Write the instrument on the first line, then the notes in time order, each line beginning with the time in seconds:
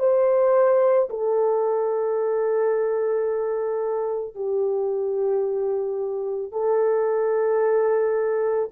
horn
0.00 C5
1.11 A4
4.35 G4
6.53 A4